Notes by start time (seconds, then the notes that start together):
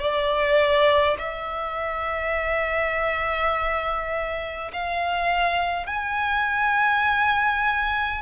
0.00 D5
1.19 E5
4.73 F5
5.87 G#5